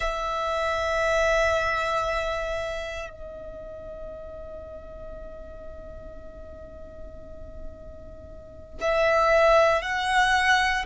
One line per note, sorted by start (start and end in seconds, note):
0.00 3.10 E5
3.10 8.79 D#5
8.80 9.81 E5
9.81 10.85 F#5